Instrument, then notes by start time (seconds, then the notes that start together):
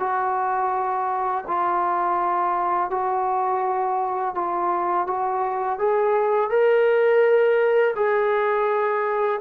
trombone
0.00 F#4
1.48 F4
2.91 F#4
4.35 F4
5.07 F#4
5.79 G#4
6.50 A#4
7.96 G#4